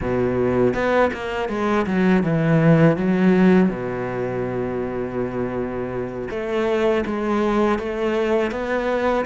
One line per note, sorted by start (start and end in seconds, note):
0.01 0.73 B2
0.73 1.10 B3
1.13 1.48 A#3
1.48 1.86 G#3
1.86 2.23 F#3
2.23 2.96 E3
2.96 3.69 F#3
3.69 6.28 B2
6.30 7.04 A3
7.06 7.78 G#3
7.78 8.51 A3
8.51 9.25 B3